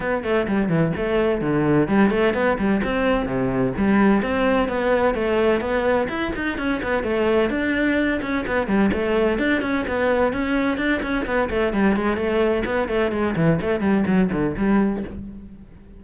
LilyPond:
\new Staff \with { instrumentName = "cello" } { \time 4/4 \tempo 4 = 128 b8 a8 g8 e8 a4 d4 | g8 a8 b8 g8 c'4 c4 | g4 c'4 b4 a4 | b4 e'8 dis'8 cis'8 b8 a4 |
d'4. cis'8 b8 g8 a4 | d'8 cis'8 b4 cis'4 d'8 cis'8 | b8 a8 g8 gis8 a4 b8 a8 | gis8 e8 a8 g8 fis8 d8 g4 | }